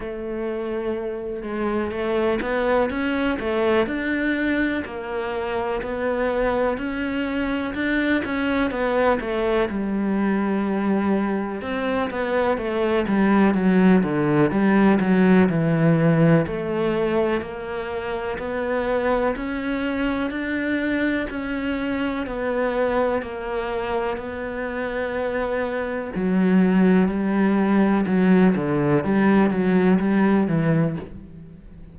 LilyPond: \new Staff \with { instrumentName = "cello" } { \time 4/4 \tempo 4 = 62 a4. gis8 a8 b8 cis'8 a8 | d'4 ais4 b4 cis'4 | d'8 cis'8 b8 a8 g2 | c'8 b8 a8 g8 fis8 d8 g8 fis8 |
e4 a4 ais4 b4 | cis'4 d'4 cis'4 b4 | ais4 b2 fis4 | g4 fis8 d8 g8 fis8 g8 e8 | }